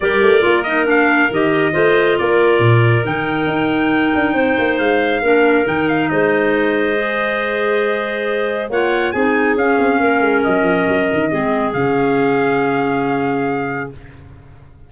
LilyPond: <<
  \new Staff \with { instrumentName = "trumpet" } { \time 4/4 \tempo 4 = 138 d''4. dis''8 f''4 dis''4~ | dis''4 d''2 g''4~ | g''2. f''4~ | f''4 g''8 f''8 dis''2~ |
dis''1 | fis''4 gis''4 f''2 | dis''2. f''4~ | f''1 | }
  \new Staff \with { instrumentName = "clarinet" } { \time 4/4 ais'1 | c''4 ais'2.~ | ais'2 c''2 | ais'2 c''2~ |
c''1 | cis''4 gis'2 ais'4~ | ais'2 gis'2~ | gis'1 | }
  \new Staff \with { instrumentName = "clarinet" } { \time 4/4 g'4 f'8 dis'8 d'4 g'4 | f'2. dis'4~ | dis'1 | d'4 dis'2. |
gis'1 | f'4 dis'4 cis'2~ | cis'2 c'4 cis'4~ | cis'1 | }
  \new Staff \with { instrumentName = "tuba" } { \time 4/4 g8 a8 ais2 dis4 | a4 ais4 ais,4 dis4 | dis'4. d'8 c'8 ais8 gis4 | ais4 dis4 gis2~ |
gis1 | ais4 c'4 cis'8 c'8 ais8 gis8 | fis8 f8 fis8 dis8 gis4 cis4~ | cis1 | }
>>